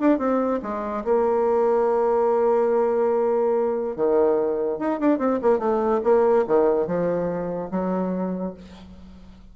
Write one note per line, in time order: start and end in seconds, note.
0.00 0.18 D4
0.18 0.60 C4
0.62 1.04 G#3
1.04 3.96 A#3
3.96 4.79 D#3
4.79 5.00 D#4
5.00 5.19 D4
5.19 5.39 C4
5.42 5.59 A#3
5.59 6.01 A3
6.04 6.45 A#3
6.47 6.87 D#3
6.87 7.70 F3
7.71 8.54 F#3